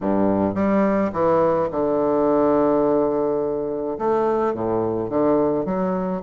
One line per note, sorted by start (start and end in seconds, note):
0.01 0.54 G2
0.54 1.11 G3
1.12 1.69 E3
1.71 3.97 D3
3.98 4.53 A3
4.53 5.09 A2
5.09 5.65 D3
5.65 6.22 F#3